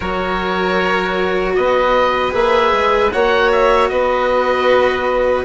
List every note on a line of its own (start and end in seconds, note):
0.00 1.57 F#3
0.00 2.31 F#4
0.00 1.54 A#4
0.00 1.53 C#5
1.55 2.33 B3
1.55 3.12 B4
1.55 2.33 D#5
2.31 2.72 A#3
2.31 3.09 G#4
2.31 3.11 E5
2.72 3.11 G#3
3.12 3.90 A#3
3.12 5.45 F#4
3.12 3.90 C#5
3.12 3.51 F#5
3.52 3.88 E5
3.88 5.45 B3
3.88 5.45 B4
3.88 5.44 D#5